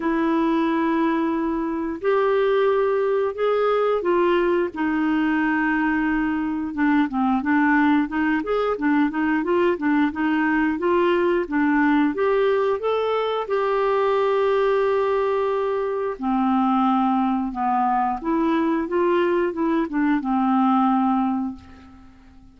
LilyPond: \new Staff \with { instrumentName = "clarinet" } { \time 4/4 \tempo 4 = 89 e'2. g'4~ | g'4 gis'4 f'4 dis'4~ | dis'2 d'8 c'8 d'4 | dis'8 gis'8 d'8 dis'8 f'8 d'8 dis'4 |
f'4 d'4 g'4 a'4 | g'1 | c'2 b4 e'4 | f'4 e'8 d'8 c'2 | }